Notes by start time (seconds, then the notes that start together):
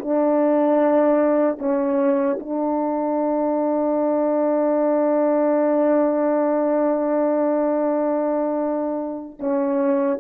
0.00 D4
1.59 C#4
2.40 D4
9.39 C#4